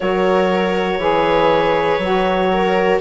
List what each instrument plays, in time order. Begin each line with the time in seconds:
0.00 bassoon F#3, saxophone F#4, viola A#4, clarinet C#5
0.98 bassoon E3, saxophone G#4, viola B4
1.98 bassoon F#3, saxophone F#4
2.52 viola A#4